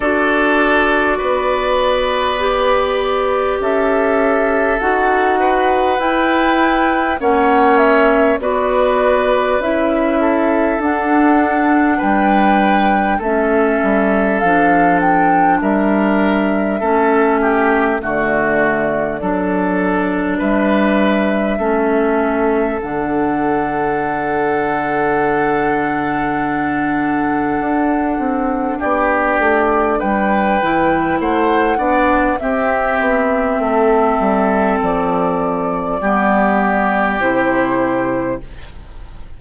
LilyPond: <<
  \new Staff \with { instrumentName = "flute" } { \time 4/4 \tempo 4 = 50 d''2. e''4 | fis''4 g''4 fis''8 e''8 d''4 | e''4 fis''4 g''4 e''4 | f''8 g''8 e''2 d''4~ |
d''4 e''2 fis''4~ | fis''1 | d''4 g''4 fis''4 e''4~ | e''4 d''2 c''4 | }
  \new Staff \with { instrumentName = "oboe" } { \time 4/4 a'4 b'2 a'4~ | a'8 b'4. cis''4 b'4~ | b'8 a'4. b'4 a'4~ | a'4 ais'4 a'8 g'8 fis'4 |
a'4 b'4 a'2~ | a'1 | g'4 b'4 c''8 d''8 g'4 | a'2 g'2 | }
  \new Staff \with { instrumentName = "clarinet" } { \time 4/4 fis'2 g'2 | fis'4 e'4 cis'4 fis'4 | e'4 d'2 cis'4 | d'2 cis'4 a4 |
d'2 cis'4 d'4~ | d'1~ | d'4. e'4 d'8 c'4~ | c'2 b4 e'4 | }
  \new Staff \with { instrumentName = "bassoon" } { \time 4/4 d'4 b2 cis'4 | dis'4 e'4 ais4 b4 | cis'4 d'4 g4 a8 g8 | f4 g4 a4 d4 |
fis4 g4 a4 d4~ | d2. d'8 c'8 | b8 a8 g8 e8 a8 b8 c'8 b8 | a8 g8 f4 g4 c4 | }
>>